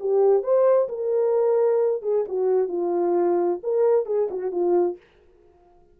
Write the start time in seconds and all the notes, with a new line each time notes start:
0.00 G4
0.43 C5
0.89 A#4
2.02 G#4
2.28 F#4
2.69 F4
3.63 A#4
4.06 G#4
4.31 F#4
4.52 F4